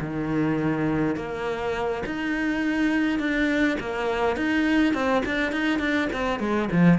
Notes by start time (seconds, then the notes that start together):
0.00 D#3
1.16 A#3
2.06 D#4
3.19 D4
3.80 A#3
4.36 D#4
4.93 C4
5.25 D4
5.52 D#4
5.79 D4
6.12 C4
6.39 G#3
6.71 F3